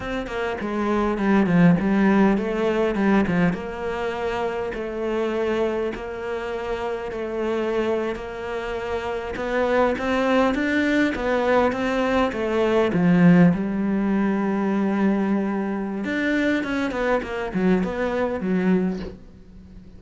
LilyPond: \new Staff \with { instrumentName = "cello" } { \time 4/4 \tempo 4 = 101 c'8 ais8 gis4 g8 f8 g4 | a4 g8 f8 ais2 | a2 ais2 | a4.~ a16 ais2 b16~ |
b8. c'4 d'4 b4 c'16~ | c'8. a4 f4 g4~ g16~ | g2. d'4 | cis'8 b8 ais8 fis8 b4 fis4 | }